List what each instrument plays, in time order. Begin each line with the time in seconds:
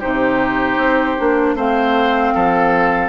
0.00 bassoon C3, clarinet D#4, oboe G4, flute C5
0.78 bassoon C4
1.18 bassoon A#3, clarinet D4
1.55 bassoon A3, clarinet C4, oboe C5, flute F5
2.35 bassoon F3, oboe A4